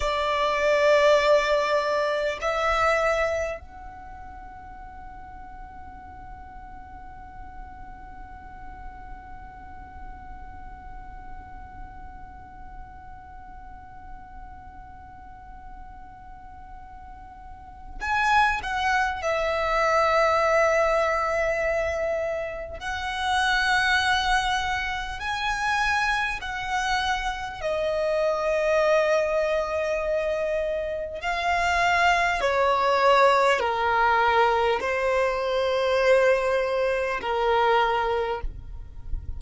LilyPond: \new Staff \with { instrumentName = "violin" } { \time 4/4 \tempo 4 = 50 d''2 e''4 fis''4~ | fis''1~ | fis''1~ | fis''2. gis''8 fis''8 |
e''2. fis''4~ | fis''4 gis''4 fis''4 dis''4~ | dis''2 f''4 cis''4 | ais'4 c''2 ais'4 | }